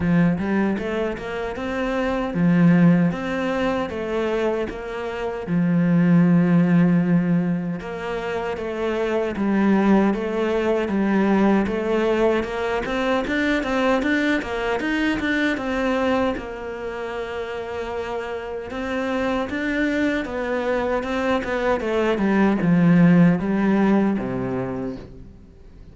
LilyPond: \new Staff \with { instrumentName = "cello" } { \time 4/4 \tempo 4 = 77 f8 g8 a8 ais8 c'4 f4 | c'4 a4 ais4 f4~ | f2 ais4 a4 | g4 a4 g4 a4 |
ais8 c'8 d'8 c'8 d'8 ais8 dis'8 d'8 | c'4 ais2. | c'4 d'4 b4 c'8 b8 | a8 g8 f4 g4 c4 | }